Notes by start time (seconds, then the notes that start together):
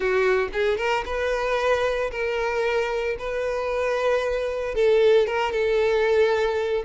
0.00 F#4
0.53 G#4
0.77 A#4
1.05 B4
2.11 A#4
3.18 B4
4.74 A4
5.27 A#4
5.51 A4